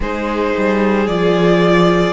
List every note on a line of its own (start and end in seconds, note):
0.00 0.53 G#3
0.00 1.08 D#4
0.00 2.13 G#4
0.00 1.07 C5
0.57 1.07 G3
1.07 2.13 F3
1.07 2.13 F4
1.07 2.13 D5